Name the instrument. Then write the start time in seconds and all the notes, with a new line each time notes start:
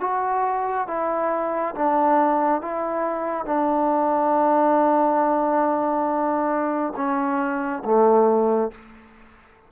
trombone
0.00 F#4
0.87 E4
1.75 D4
2.61 E4
3.45 D4
6.96 C#4
7.84 A3